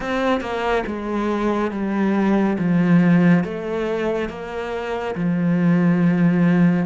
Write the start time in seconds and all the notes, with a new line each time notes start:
0.00 C4
0.41 A#3
0.86 G#3
1.71 G3
2.58 F3
3.44 A3
4.29 A#3
5.15 F3